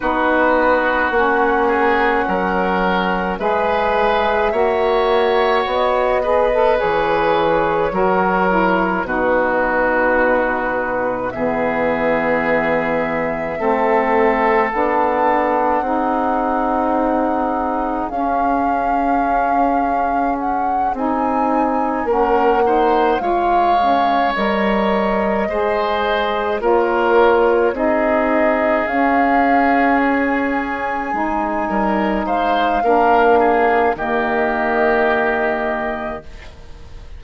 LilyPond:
<<
  \new Staff \with { instrumentName = "flute" } { \time 4/4 \tempo 4 = 53 b'4 fis''2 e''4~ | e''4 dis''4 cis''2 | b'2 e''2~ | e''4 fis''2. |
f''2 fis''8 gis''4 fis''8~ | fis''8 f''4 dis''2 cis''8~ | cis''8 dis''4 f''4 gis''4.~ | gis''8 f''4. dis''2 | }
  \new Staff \with { instrumentName = "oboe" } { \time 4/4 fis'4. gis'8 ais'4 b'4 | cis''4. b'4. ais'4 | fis'2 gis'2 | a'2 gis'2~ |
gis'2.~ gis'8 ais'8 | c''8 cis''2 c''4 ais'8~ | ais'8 gis'2.~ gis'8 | ais'8 c''8 ais'8 gis'8 g'2 | }
  \new Staff \with { instrumentName = "saxophone" } { \time 4/4 dis'4 cis'2 gis'4 | fis'4. gis'16 a'16 gis'4 fis'8 e'8 | dis'2 b2 | c'4 d'4 dis'2 |
cis'2~ cis'8 dis'4 cis'8 | dis'8 f'8 cis'8 ais'4 gis'4 f'8~ | f'8 dis'4 cis'2 dis'8~ | dis'4 d'4 ais2 | }
  \new Staff \with { instrumentName = "bassoon" } { \time 4/4 b4 ais4 fis4 gis4 | ais4 b4 e4 fis4 | b,2 e2 | a4 b4 c'2 |
cis'2~ cis'8 c'4 ais8~ | ais8 gis4 g4 gis4 ais8~ | ais8 c'4 cis'2 gis8 | g8 gis8 ais4 dis2 | }
>>